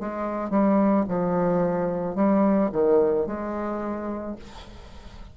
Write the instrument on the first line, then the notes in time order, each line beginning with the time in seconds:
bassoon
0.00 G#3
0.50 G3
1.08 F3
2.15 G3
2.72 D#3
3.26 G#3